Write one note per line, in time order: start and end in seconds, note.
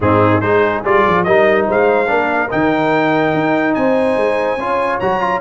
0.00 0.41 G#2
0.00 0.42 C4
0.00 0.42 D#4
0.00 0.40 G#4
0.40 0.83 G#3
0.40 0.83 D#4
0.40 1.25 G#4
0.40 0.82 C5
0.84 1.05 G3
0.84 1.26 F4
0.84 1.23 D5
1.07 1.26 F3
1.23 1.68 G3
1.23 2.06 D#4
1.23 1.67 A#4
1.23 1.65 D#5
1.67 2.10 G#3
1.67 2.08 C5
1.67 2.51 F5
2.06 2.51 A#3
2.06 2.48 D4
2.06 3.75 A#4
2.50 3.34 D#3
2.50 4.58 D#4
2.50 3.74 G5
3.34 3.75 D#4
3.74 4.16 C4
3.74 4.58 C5
3.74 4.99 G#5
4.16 4.56 G#3
4.56 4.98 C#4
4.56 5.01 F4
4.56 5.40 C#5
4.99 5.40 F#3
4.99 5.20 F#4
4.99 5.40 A#5
5.20 5.40 F4